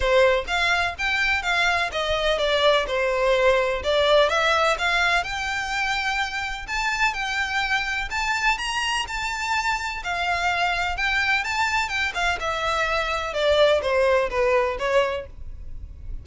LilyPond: \new Staff \with { instrumentName = "violin" } { \time 4/4 \tempo 4 = 126 c''4 f''4 g''4 f''4 | dis''4 d''4 c''2 | d''4 e''4 f''4 g''4~ | g''2 a''4 g''4~ |
g''4 a''4 ais''4 a''4~ | a''4 f''2 g''4 | a''4 g''8 f''8 e''2 | d''4 c''4 b'4 cis''4 | }